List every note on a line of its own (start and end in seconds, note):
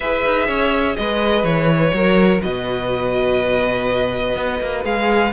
0.00 0.24 E4
0.00 1.95 G#4
0.00 0.46 B4
0.00 0.95 E5
0.25 0.48 D#4
0.46 0.96 C#4
0.46 0.95 C#5
0.95 1.43 G#3
0.95 1.94 B4
0.95 1.44 D#5
1.43 1.91 E3
1.43 2.41 C#5
1.93 2.42 F#3
1.93 4.84 F#4
1.93 2.42 A#4
2.42 4.35 B2
2.42 5.32 B4
2.42 4.84 D#5
4.35 4.60 B3
4.60 4.84 A#3
4.84 5.32 G#3
4.84 5.32 G#4
4.84 5.32 F5